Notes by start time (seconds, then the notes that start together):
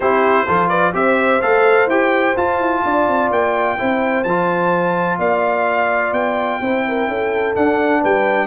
0.00 C4 E4 G4 C5
0.47 F3 F4 A4
0.68 B4 D5
0.93 C4 G4 C5 E5
1.41 A3 A4 F5
1.86 E4 G4 G5
2.36 F4 A5
2.58 E4
2.84 D4 D5
3.07 C4
3.30 A#3 G5
3.77 C4 E4 C5
4.23 F3 F4 A5
5.18 A#3 D5 F5
6.12 B3 G5
6.60 C4 E4 C5
6.88 A#4
7.07 C#4 A4
7.55 D4 F#5
8.00 G3 B4 G5